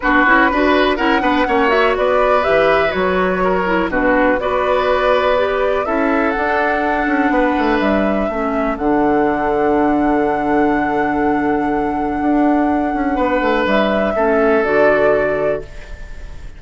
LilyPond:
<<
  \new Staff \with { instrumentName = "flute" } { \time 4/4 \tempo 4 = 123 b'2 fis''4. e''8 | d''4 e''4 cis''2 | b'4 d''2. | e''4 fis''2. |
e''2 fis''2~ | fis''1~ | fis''1 | e''2 d''2 | }
  \new Staff \with { instrumentName = "oboe" } { \time 4/4 fis'4 b'4 ais'8 b'8 cis''4 | b'2. ais'4 | fis'4 b'2. | a'2. b'4~ |
b'4 a'2.~ | a'1~ | a'2. b'4~ | b'4 a'2. | }
  \new Staff \with { instrumentName = "clarinet" } { \time 4/4 d'8 e'8 fis'4 e'8 d'8 cis'8 fis'8~ | fis'4 g'4 fis'4. e'8 | d'4 fis'2 g'4 | e'4 d'2.~ |
d'4 cis'4 d'2~ | d'1~ | d'1~ | d'4 cis'4 fis'2 | }
  \new Staff \with { instrumentName = "bassoon" } { \time 4/4 b8 cis'8 d'4 cis'8 b8 ais4 | b4 e4 fis2 | b,4 b2. | cis'4 d'4. cis'8 b8 a8 |
g4 a4 d2~ | d1~ | d4 d'4. cis'8 b8 a8 | g4 a4 d2 | }
>>